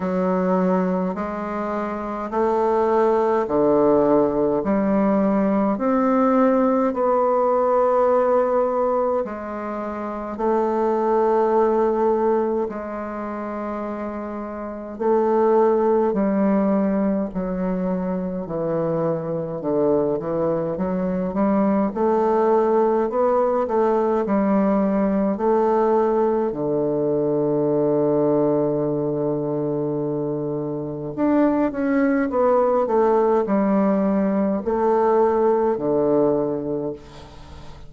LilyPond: \new Staff \with { instrumentName = "bassoon" } { \time 4/4 \tempo 4 = 52 fis4 gis4 a4 d4 | g4 c'4 b2 | gis4 a2 gis4~ | gis4 a4 g4 fis4 |
e4 d8 e8 fis8 g8 a4 | b8 a8 g4 a4 d4~ | d2. d'8 cis'8 | b8 a8 g4 a4 d4 | }